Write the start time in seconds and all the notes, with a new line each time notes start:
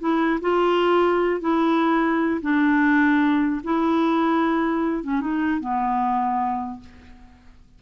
0.00 E4
0.41 F4
1.41 E4
2.41 D4
3.64 E4
5.04 C#4
5.21 D#4
5.60 B3